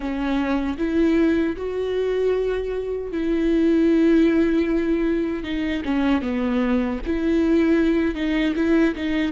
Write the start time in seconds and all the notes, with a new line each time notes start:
0.00 C#4
0.78 E4
1.56 F#4
3.11 E4
5.43 D#4
5.84 C#4
6.21 B3
7.06 E4
8.14 D#4
8.55 E4
8.95 D#4